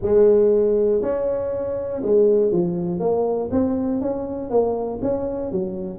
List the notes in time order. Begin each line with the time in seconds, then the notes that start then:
0.02 G#3
1.02 C#4
2.02 G#3
2.51 F3
2.99 A#3
3.51 C4
4.01 C#4
4.50 A#3
5.02 C#4
5.51 F#3